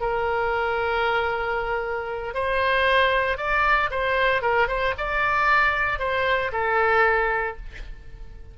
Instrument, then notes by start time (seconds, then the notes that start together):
oboe
0.00 A#4
2.34 C5
3.37 D5
3.90 C5
4.41 A#4
4.68 C5
4.98 D5
5.99 C5
6.52 A4